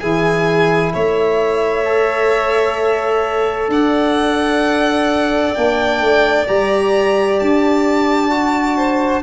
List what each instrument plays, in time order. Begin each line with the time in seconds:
0.00 tuba E3, trombone E4, violin G#4 G#5
0.93 tuba A3, violin C#5 E5
1.85 trombone A4
3.68 tuba D4, violin D5 F#5
5.54 tuba A#3, trombone D4, violin G5
6.01 tuba A3
6.47 tuba G3, trombone G4, violin A#5
7.40 tuba D4, violin A5
8.30 trombone F#4
8.77 violin C5